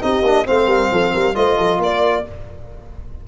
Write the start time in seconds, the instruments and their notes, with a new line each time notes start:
0.00 tuba C4, trombone D#4, horn G4, violin D#5
0.22 tuba A#3, trombone D4
0.45 tuba A3, trombone C4, horn C5, violin F5
0.66 tuba G3, horn A#4
0.91 tuba F3, horn A4
1.13 tuba G3, horn A#4
1.34 tuba A3, trombone F4, horn C5, violin D#5
1.57 tuba F3, horn A4
1.78 tuba A#3, horn A#4, violin D5